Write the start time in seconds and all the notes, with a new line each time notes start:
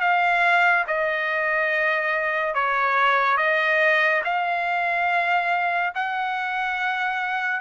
0.00 F5
0.87 D#5
2.54 C#5
3.37 D#5
4.24 F5
5.95 F#5